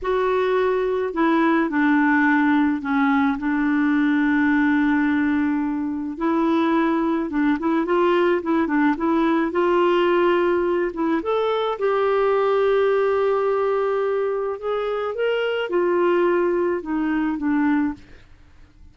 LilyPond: \new Staff \with { instrumentName = "clarinet" } { \time 4/4 \tempo 4 = 107 fis'2 e'4 d'4~ | d'4 cis'4 d'2~ | d'2. e'4~ | e'4 d'8 e'8 f'4 e'8 d'8 |
e'4 f'2~ f'8 e'8 | a'4 g'2.~ | g'2 gis'4 ais'4 | f'2 dis'4 d'4 | }